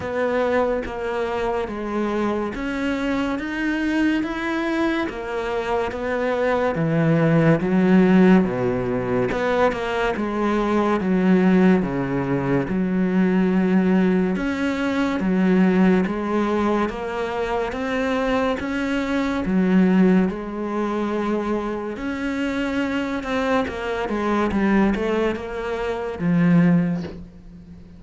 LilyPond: \new Staff \with { instrumentName = "cello" } { \time 4/4 \tempo 4 = 71 b4 ais4 gis4 cis'4 | dis'4 e'4 ais4 b4 | e4 fis4 b,4 b8 ais8 | gis4 fis4 cis4 fis4~ |
fis4 cis'4 fis4 gis4 | ais4 c'4 cis'4 fis4 | gis2 cis'4. c'8 | ais8 gis8 g8 a8 ais4 f4 | }